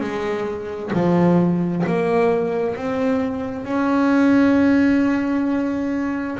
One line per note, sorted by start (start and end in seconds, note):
0.00 0.91 G#3
0.93 1.84 F3
1.86 2.76 A#3
2.76 3.64 C4
3.64 6.37 C#4